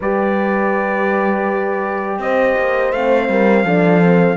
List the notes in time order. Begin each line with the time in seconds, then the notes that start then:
0.00 G3 G4 B4 D5
2.19 C4 C5 D#5
2.57 A#3
2.91 A3 C4 F5
3.28 G3 A#4
3.64 F3 D4 A4
4.03 C4